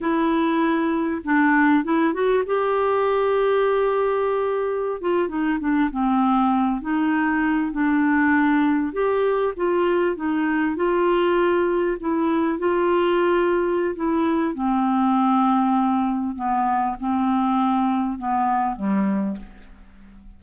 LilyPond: \new Staff \with { instrumentName = "clarinet" } { \time 4/4 \tempo 4 = 99 e'2 d'4 e'8 fis'8 | g'1~ | g'16 f'8 dis'8 d'8 c'4. dis'8.~ | dis'8. d'2 g'4 f'16~ |
f'8. dis'4 f'2 e'16~ | e'8. f'2~ f'16 e'4 | c'2. b4 | c'2 b4 g4 | }